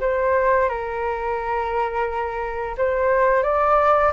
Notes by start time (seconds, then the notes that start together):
0.00 C5
0.69 A#4
2.77 C5
3.43 D5